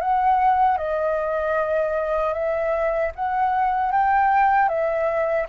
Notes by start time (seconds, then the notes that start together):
0.00 F#5
0.77 D#5
2.33 E5
3.15 F#5
3.91 G5
4.68 E5